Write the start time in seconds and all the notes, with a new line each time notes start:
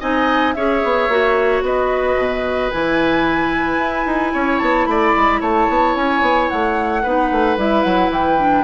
0.00 C4 D#4 D#5 G#5
0.53 C#4 G#4 C#5 E5
0.84 B3
1.08 A#3 F#4
1.62 B3 B4 D#5
2.17 B2
2.71 E3 E4 G#5
3.78 E4
4.06 D#4
4.33 C#4 C#5
4.59 B3 A5
4.86 A3 D5 B5
5.17 G#3
5.41 A3 C#5 A5
5.69 B3
5.96 C#4 G#5
6.22 B3
6.49 A3 F#5
7.03 B3 D#4 B4
7.31 A3
7.57 G3 E4 E5
7.83 F#3 F#5
8.09 E3 G5
8.38 D4